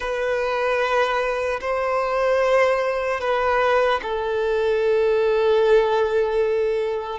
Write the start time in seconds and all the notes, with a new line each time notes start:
0.00 B4
1.60 C5
3.20 B4
4.02 A4